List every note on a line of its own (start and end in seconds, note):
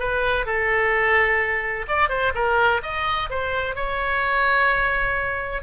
0.00 0.46 B4
0.46 1.87 A4
1.88 2.10 D5
2.10 2.33 C5
2.35 2.82 A#4
2.83 3.30 D#5
3.30 3.76 C5
3.76 5.63 C#5